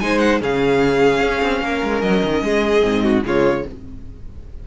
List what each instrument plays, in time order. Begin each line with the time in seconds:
0.00 cello G#3, viola D#4, violin C5 G#5
0.18 violin F#5
0.41 cello C#3, viola C#4, violin G#4 F5
1.21 cello C#4
1.42 cello C4
1.61 cello A#3, violin A#4
1.83 cello G#3
2.01 cello F#3, violin D#5
2.24 cello D#3
2.42 cello G#3, violin G#4
2.81 cello G#2, viola C4
3.04 violin F#4
3.24 cello C#3, viola G#3, violin F4 C#5